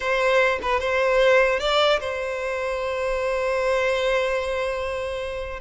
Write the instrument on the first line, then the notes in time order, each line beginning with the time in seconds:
violin
0.00 C5
0.62 B4
0.79 C5
1.59 D5
1.99 C5